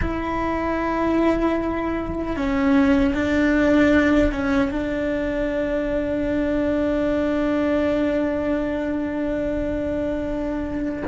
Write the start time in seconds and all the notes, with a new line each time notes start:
0.01 E4
2.36 C#4
3.14 D4
4.32 C#4
4.71 D4